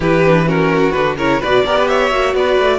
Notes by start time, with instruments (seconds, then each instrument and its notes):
0.00 cello E3, viola E4, violin G4 B4
0.25 viola D4
0.45 viola C#4, violin F#4 A#4
0.91 cello D3, viola D4, violin B4
1.17 cello C#3, viola E4, violin A#4 C#5
1.40 cello B2, viola F#4, violin B4 D5
1.64 cello B3, viola G4, violin A#4
1.77 violin B4
1.87 violin C#5 E5
2.10 cello A#3, viola F#4
2.33 cello B3, violin B4 D5
2.58 cello A3